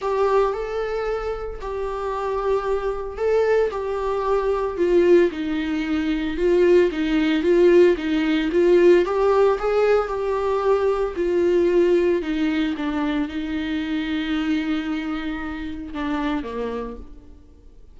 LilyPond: \new Staff \with { instrumentName = "viola" } { \time 4/4 \tempo 4 = 113 g'4 a'2 g'4~ | g'2 a'4 g'4~ | g'4 f'4 dis'2 | f'4 dis'4 f'4 dis'4 |
f'4 g'4 gis'4 g'4~ | g'4 f'2 dis'4 | d'4 dis'2.~ | dis'2 d'4 ais4 | }